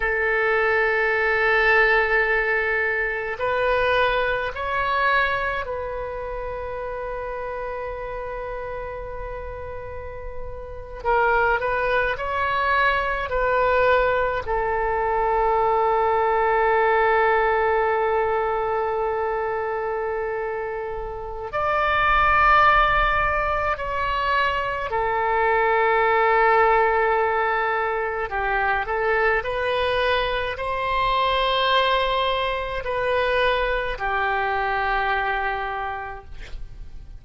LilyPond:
\new Staff \with { instrumentName = "oboe" } { \time 4/4 \tempo 4 = 53 a'2. b'4 | cis''4 b'2.~ | b'4.~ b'16 ais'8 b'8 cis''4 b'16~ | b'8. a'2.~ a'16~ |
a'2. d''4~ | d''4 cis''4 a'2~ | a'4 g'8 a'8 b'4 c''4~ | c''4 b'4 g'2 | }